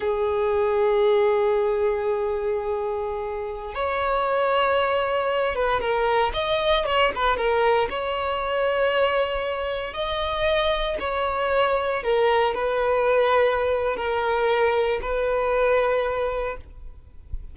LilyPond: \new Staff \with { instrumentName = "violin" } { \time 4/4 \tempo 4 = 116 gis'1~ | gis'2.~ gis'16 cis''8.~ | cis''2~ cis''8. b'8 ais'8.~ | ais'16 dis''4 cis''8 b'8 ais'4 cis''8.~ |
cis''2.~ cis''16 dis''8.~ | dis''4~ dis''16 cis''2 ais'8.~ | ais'16 b'2~ b'8. ais'4~ | ais'4 b'2. | }